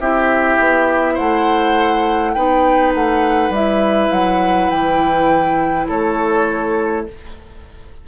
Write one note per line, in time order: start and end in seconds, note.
0.00 0.59 C4
0.00 2.37 E4
0.00 1.14 G4
0.00 1.18 E5
0.60 1.19 B3
1.14 2.37 A3
1.14 2.32 C5
1.14 2.34 F#5
2.34 2.95 B3
2.34 3.54 D#4
2.34 5.88 B4
2.34 2.93 G5
2.95 3.50 A3
2.95 3.54 F#5
3.50 4.09 G3
3.50 7.08 E4
3.50 4.12 E5
4.12 4.70 F#3
4.12 4.71 F#5
4.71 5.88 E3
4.71 5.88 G5
5.89 7.08 A3
5.89 7.06 A4
5.89 7.07 C#5